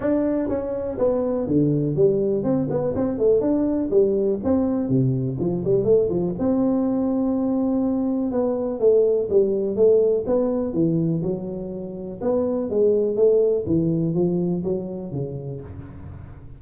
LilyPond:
\new Staff \with { instrumentName = "tuba" } { \time 4/4 \tempo 4 = 123 d'4 cis'4 b4 d4 | g4 c'8 b8 c'8 a8 d'4 | g4 c'4 c4 f8 g8 | a8 f8 c'2.~ |
c'4 b4 a4 g4 | a4 b4 e4 fis4~ | fis4 b4 gis4 a4 | e4 f4 fis4 cis4 | }